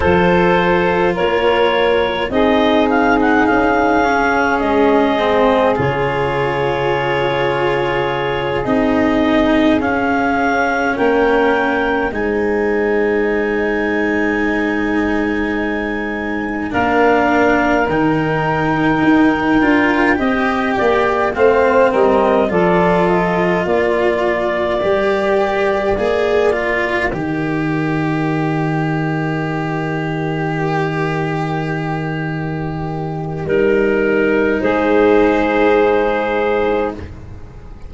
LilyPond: <<
  \new Staff \with { instrumentName = "clarinet" } { \time 4/4 \tempo 4 = 52 c''4 cis''4 dis''8 f''16 fis''16 f''4 | dis''4 cis''2~ cis''8 dis''8~ | dis''8 f''4 g''4 gis''4.~ | gis''2~ gis''8 f''4 g''8~ |
g''2~ g''8 f''8 dis''8 d''8 | dis''8 d''2. dis''8~ | dis''1~ | dis''4 ais'4 c''2 | }
  \new Staff \with { instrumentName = "saxophone" } { \time 4/4 a'4 ais'4 gis'2~ | gis'1~ | gis'4. ais'4 c''4.~ | c''2~ c''8 ais'4.~ |
ais'4. dis''8 d''8 c''8 ais'8 a'8~ | a'8 ais'2.~ ais'8~ | ais'1~ | ais'2 gis'2 | }
  \new Staff \with { instrumentName = "cello" } { \time 4/4 f'2 dis'4. cis'8~ | cis'8 c'8 f'2~ f'8 dis'8~ | dis'8 cis'2 dis'4.~ | dis'2~ dis'8 d'4 dis'8~ |
dis'4 f'8 g'4 c'4 f'8~ | f'4. g'4 gis'8 f'8 g'8~ | g'1~ | g'4 dis'2. | }
  \new Staff \with { instrumentName = "tuba" } { \time 4/4 f4 ais4 c'4 cis'4 | gis4 cis2~ cis8 c'8~ | c'8 cis'4 ais4 gis4.~ | gis2~ gis8 ais4 dis8~ |
dis8 dis'8 d'8 c'8 ais8 a8 g8 f8~ | f8 ais4 g4 ais4 dis8~ | dis1~ | dis4 g4 gis2 | }
>>